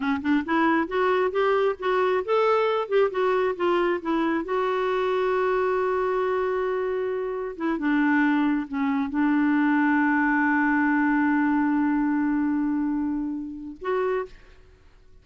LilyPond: \new Staff \with { instrumentName = "clarinet" } { \time 4/4 \tempo 4 = 135 cis'8 d'8 e'4 fis'4 g'4 | fis'4 a'4. g'8 fis'4 | f'4 e'4 fis'2~ | fis'1~ |
fis'4 e'8 d'2 cis'8~ | cis'8 d'2.~ d'8~ | d'1~ | d'2. fis'4 | }